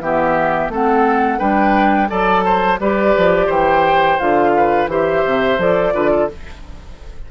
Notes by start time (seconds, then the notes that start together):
0.00 E3 B3 G4 E5
0.69 A3 C4 A4 F#5
1.38 G3 D4 B4 G5
2.08 F#3 A4 D5 A5
2.44 C5
2.79 G3 G4 B4 D5
3.17 F3
3.46 E3 C5 G5
4.19 D3 F4 F5
4.56 B4
4.86 E3 G4 C5 E5
5.25 C3
5.58 F3 A4 D5
5.93 D3 F4 B4
6.10 A4